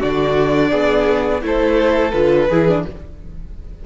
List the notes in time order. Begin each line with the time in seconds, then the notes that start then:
0.00 D3 D4 F#4 D5
0.70 B3 G#4
1.41 A3 E4 A4 C5
2.11 D3 F4 B4
2.49 E3 E4 G#4
2.68 D4